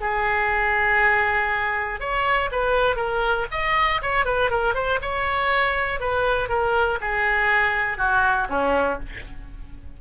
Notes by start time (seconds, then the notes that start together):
0.00 G#4
2.00 C#5
2.51 B4
2.96 A#4
3.51 D#5
4.01 C#5
4.25 B4
4.50 A#4
4.74 C5
5.01 C#5
6.00 B4
6.49 A#4
7.00 G#4
7.97 F#4
8.49 C#4